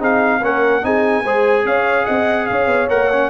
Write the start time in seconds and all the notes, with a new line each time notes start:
0.00 C4 D#4 G#4 F5
0.42 A#3 C#4 A#4 F#5
0.83 C4 D#4 G#4 G#5
1.24 G#3 G#4 C5
1.65 C#4 C#5 F5
2.05 C4 D#5 F#5
2.47 C#4 C#5 F5
2.67 B3
2.89 A#3 A#4 F#5
3.12 C#4